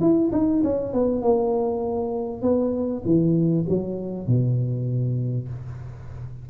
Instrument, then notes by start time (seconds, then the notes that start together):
tuba
0.00 E4
0.32 D#4
0.63 C#4
0.93 B3
1.21 A#3
2.42 B3
3.05 E3
3.68 F#3
4.27 B2